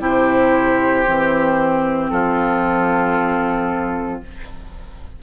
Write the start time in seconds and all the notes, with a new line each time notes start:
0.00 C3 E4 G4 C5
1.07 E3 C4
2.10 F3 F4 A4